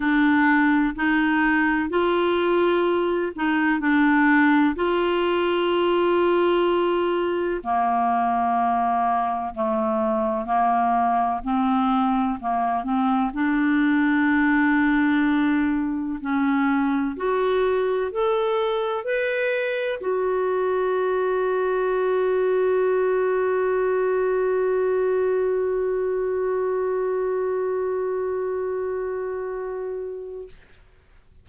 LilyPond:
\new Staff \with { instrumentName = "clarinet" } { \time 4/4 \tempo 4 = 63 d'4 dis'4 f'4. dis'8 | d'4 f'2. | ais2 a4 ais4 | c'4 ais8 c'8 d'2~ |
d'4 cis'4 fis'4 a'4 | b'4 fis'2.~ | fis'1~ | fis'1 | }